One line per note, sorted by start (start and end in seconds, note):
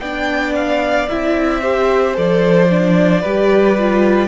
0.00 1.08 B3
0.00 1.10 D4
0.00 1.62 D5
0.00 0.54 G5
0.56 1.09 F5
1.09 2.18 C4
1.09 1.62 E4
1.09 2.16 E5
1.62 2.15 G4
1.62 3.22 C5
2.15 3.24 F3
2.15 2.69 A4
2.15 4.29 D5
2.70 3.24 D4
3.22 4.29 G3
3.22 3.78 G4
3.22 4.29 B4
3.79 4.29 F4